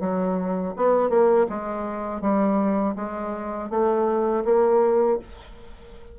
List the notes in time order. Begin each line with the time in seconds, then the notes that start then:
0.00 F#3
0.76 B3
1.09 A#3
1.49 G#3
2.21 G3
2.96 G#3
3.70 A3
4.44 A#3